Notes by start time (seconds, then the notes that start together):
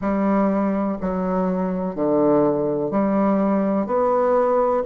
0.01 G3
1.00 F#3
1.95 D3
2.90 G3
3.86 B3